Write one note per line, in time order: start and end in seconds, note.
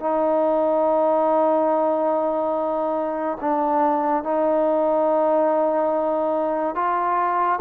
0.00 3.38 D#4
3.41 4.24 D4
4.24 6.76 D#4
6.76 7.60 F4